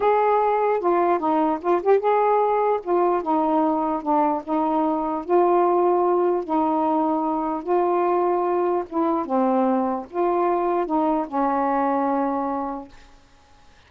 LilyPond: \new Staff \with { instrumentName = "saxophone" } { \time 4/4 \tempo 4 = 149 gis'2 f'4 dis'4 | f'8 g'8 gis'2 f'4 | dis'2 d'4 dis'4~ | dis'4 f'2. |
dis'2. f'4~ | f'2 e'4 c'4~ | c'4 f'2 dis'4 | cis'1 | }